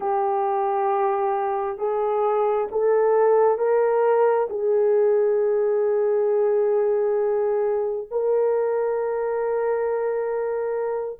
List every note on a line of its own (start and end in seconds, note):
0.00 1.78 G4
1.78 2.67 G#4
2.71 3.58 A4
3.58 4.47 A#4
4.49 8.07 G#4
8.10 11.19 A#4